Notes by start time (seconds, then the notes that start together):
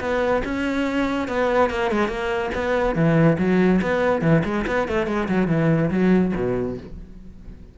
0.00 B3
0.44 C#4
1.28 B3
1.70 A#3
1.91 G#3
2.08 A#3
2.54 B3
2.95 E3
3.38 F#3
3.81 B3
4.22 E3
4.44 G#3
4.67 B3
4.88 A3
5.07 G#3
5.28 F#3
5.48 E3
5.90 F#3
6.35 B2